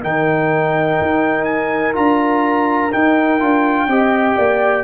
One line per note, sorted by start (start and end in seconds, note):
0.00 0.99 D#3
0.00 1.93 D#4
0.00 3.89 A#4
0.00 1.44 G5
1.01 1.96 D#4
1.44 1.93 G#5
1.93 2.93 D4
1.93 2.90 F4
1.93 2.92 A#5
2.91 3.39 D#4
2.91 3.41 D#4
2.91 4.84 G5
3.39 3.87 D4
3.39 3.88 F4
3.87 4.35 C4
3.87 4.84 G4
3.87 4.36 D#5
4.36 4.84 A#3
4.36 4.84 D5